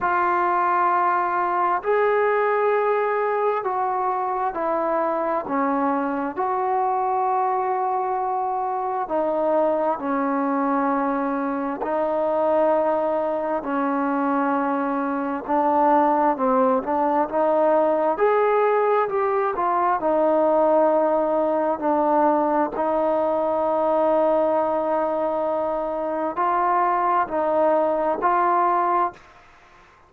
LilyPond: \new Staff \with { instrumentName = "trombone" } { \time 4/4 \tempo 4 = 66 f'2 gis'2 | fis'4 e'4 cis'4 fis'4~ | fis'2 dis'4 cis'4~ | cis'4 dis'2 cis'4~ |
cis'4 d'4 c'8 d'8 dis'4 | gis'4 g'8 f'8 dis'2 | d'4 dis'2.~ | dis'4 f'4 dis'4 f'4 | }